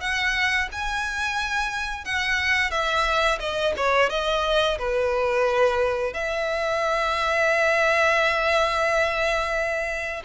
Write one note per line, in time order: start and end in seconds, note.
0.00 0.68 F#5
0.71 2.04 G#5
2.04 2.70 F#5
2.70 3.38 E5
3.39 3.73 D#5
3.77 4.09 C#5
4.09 4.77 D#5
4.78 6.13 B4
6.13 10.22 E5